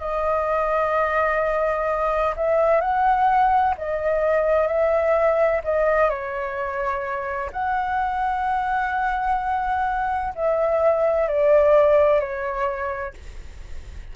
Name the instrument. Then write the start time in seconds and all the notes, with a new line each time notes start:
flute
0.00 D#5
2.36 E5
2.80 F#5
3.78 D#5
4.67 E5
5.64 D#5
6.09 C#5
7.52 F#5
10.35 E5
11.28 D5
12.20 C#5